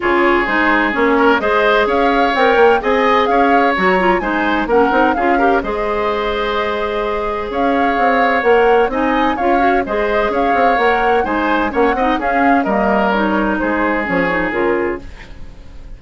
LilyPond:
<<
  \new Staff \with { instrumentName = "flute" } { \time 4/4 \tempo 4 = 128 cis''4 c''4 cis''4 dis''4 | f''4 g''4 gis''4 f''4 | ais''4 gis''4 fis''4 f''4 | dis''1 |
f''2 fis''4 gis''4 | f''4 dis''4 f''4 fis''4 | gis''4 fis''4 f''4 dis''4 | cis''4 c''4 cis''4 ais'4 | }
  \new Staff \with { instrumentName = "oboe" } { \time 4/4 gis'2~ gis'8 ais'8 c''4 | cis''2 dis''4 cis''4~ | cis''4 c''4 ais'4 gis'8 ais'8 | c''1 |
cis''2. dis''4 | cis''4 c''4 cis''2 | c''4 cis''8 dis''8 gis'4 ais'4~ | ais'4 gis'2. | }
  \new Staff \with { instrumentName = "clarinet" } { \time 4/4 f'4 dis'4 cis'4 gis'4~ | gis'4 ais'4 gis'2 | fis'8 f'8 dis'4 cis'8 dis'8 f'8 g'8 | gis'1~ |
gis'2 ais'4 dis'4 | f'8 fis'8 gis'2 ais'4 | dis'4 cis'8 dis'8 cis'4 ais4 | dis'2 cis'8 dis'8 f'4 | }
  \new Staff \with { instrumentName = "bassoon" } { \time 4/4 cis4 gis4 ais4 gis4 | cis'4 c'8 ais8 c'4 cis'4 | fis4 gis4 ais8 c'8 cis'4 | gis1 |
cis'4 c'4 ais4 c'4 | cis'4 gis4 cis'8 c'8 ais4 | gis4 ais8 c'8 cis'4 g4~ | g4 gis4 f4 cis4 | }
>>